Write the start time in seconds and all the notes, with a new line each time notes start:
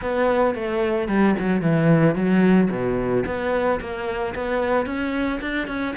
0.01 B3
0.54 A3
1.08 G3
1.38 F#3
1.61 E3
2.15 F#3
2.70 B2
3.26 B3
3.80 A#3
4.34 B3
4.86 C#4
5.41 D4
5.67 C#4